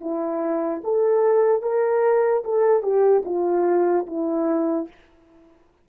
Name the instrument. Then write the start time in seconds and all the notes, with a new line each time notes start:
horn
0.00 E4
0.84 A4
1.62 A#4
2.44 A4
2.82 G4
3.25 F4
4.06 E4